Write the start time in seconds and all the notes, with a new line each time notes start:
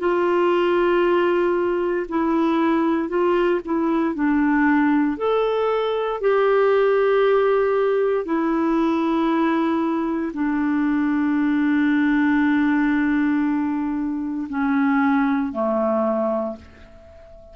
0.00 F4
2.09 E4
3.09 F4
3.65 E4
4.15 D4
5.18 A4
6.21 G4
8.25 E4
10.34 D4
14.50 C#4
15.53 A3